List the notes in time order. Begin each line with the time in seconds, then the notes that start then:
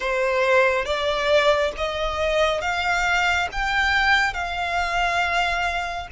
0.00 C5
0.85 D5
1.77 D#5
2.61 F5
3.51 G5
4.33 F5